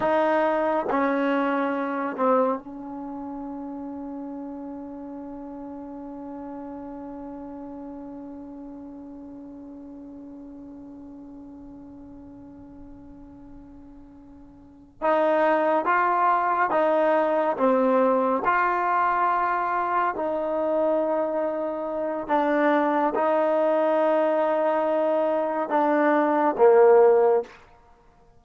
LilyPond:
\new Staff \with { instrumentName = "trombone" } { \time 4/4 \tempo 4 = 70 dis'4 cis'4. c'8 cis'4~ | cis'1~ | cis'1~ | cis'1~ |
cis'4. dis'4 f'4 dis'8~ | dis'8 c'4 f'2 dis'8~ | dis'2 d'4 dis'4~ | dis'2 d'4 ais4 | }